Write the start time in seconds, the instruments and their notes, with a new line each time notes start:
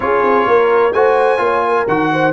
0.00 tuba C#4, trombone F4, horn G#4, trumpet C#5
0.23 tuba C4
0.46 tuba A#3, horn A#4
0.92 tuba A3, trombone F#4, horn C5, trumpet G#5
1.38 tuba A#3, trombone F4, horn C#5
1.67 horn A#4
1.87 tuba D#3, trombone F#4, trumpet F#5
2.12 horn C5